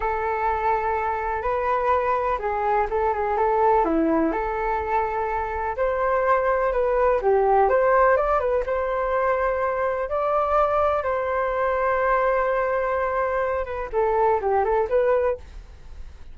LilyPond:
\new Staff \with { instrumentName = "flute" } { \time 4/4 \tempo 4 = 125 a'2. b'4~ | b'4 gis'4 a'8 gis'8 a'4 | e'4 a'2. | c''2 b'4 g'4 |
c''4 d''8 b'8 c''2~ | c''4 d''2 c''4~ | c''1~ | c''8 b'8 a'4 g'8 a'8 b'4 | }